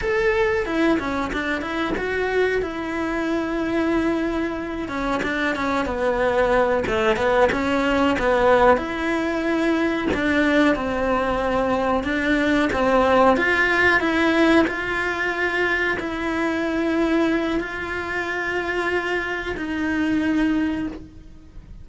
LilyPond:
\new Staff \with { instrumentName = "cello" } { \time 4/4 \tempo 4 = 92 a'4 e'8 cis'8 d'8 e'8 fis'4 | e'2.~ e'8 cis'8 | d'8 cis'8 b4. a8 b8 cis'8~ | cis'8 b4 e'2 d'8~ |
d'8 c'2 d'4 c'8~ | c'8 f'4 e'4 f'4.~ | f'8 e'2~ e'8 f'4~ | f'2 dis'2 | }